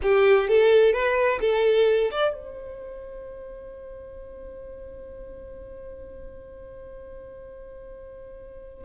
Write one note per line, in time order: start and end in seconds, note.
0.02 0.48 G4
0.48 0.93 A4
0.93 1.39 B4
1.41 2.10 A4
2.11 2.33 D5
2.33 8.84 C5